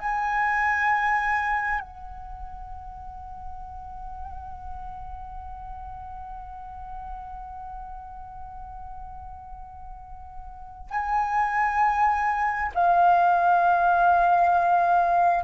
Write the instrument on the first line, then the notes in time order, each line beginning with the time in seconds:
flute
0.00 G#5
1.81 F#5
10.90 G#5
12.75 F5